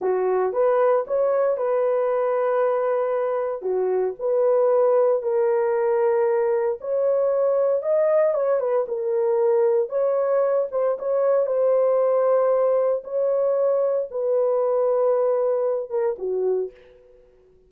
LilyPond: \new Staff \with { instrumentName = "horn" } { \time 4/4 \tempo 4 = 115 fis'4 b'4 cis''4 b'4~ | b'2. fis'4 | b'2 ais'2~ | ais'4 cis''2 dis''4 |
cis''8 b'8 ais'2 cis''4~ | cis''8 c''8 cis''4 c''2~ | c''4 cis''2 b'4~ | b'2~ b'8 ais'8 fis'4 | }